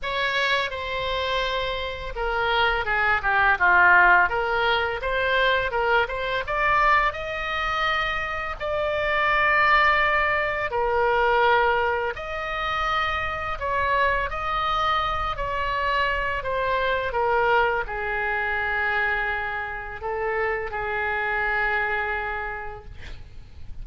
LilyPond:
\new Staff \with { instrumentName = "oboe" } { \time 4/4 \tempo 4 = 84 cis''4 c''2 ais'4 | gis'8 g'8 f'4 ais'4 c''4 | ais'8 c''8 d''4 dis''2 | d''2. ais'4~ |
ais'4 dis''2 cis''4 | dis''4. cis''4. c''4 | ais'4 gis'2. | a'4 gis'2. | }